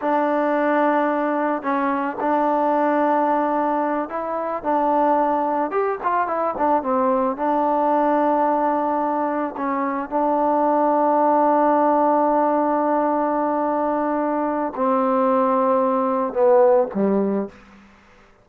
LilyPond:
\new Staff \with { instrumentName = "trombone" } { \time 4/4 \tempo 4 = 110 d'2. cis'4 | d'2.~ d'8 e'8~ | e'8 d'2 g'8 f'8 e'8 | d'8 c'4 d'2~ d'8~ |
d'4. cis'4 d'4.~ | d'1~ | d'2. c'4~ | c'2 b4 g4 | }